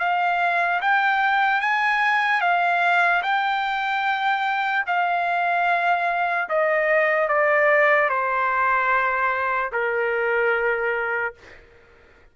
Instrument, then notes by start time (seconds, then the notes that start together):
trumpet
0.00 F5
0.82 G5
1.61 G#5
2.41 F5
3.23 G5
4.87 F5
6.49 D#5
7.29 D5
8.10 C5
9.73 A#4